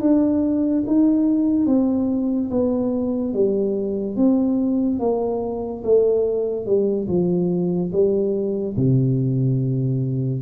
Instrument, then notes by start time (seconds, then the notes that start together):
tuba
0.00 D4
0.86 D#4
1.66 C4
2.50 B3
3.33 G3
4.16 C4
4.99 A#3
5.83 A3
6.66 G3
7.08 F3
7.92 G3
8.76 C3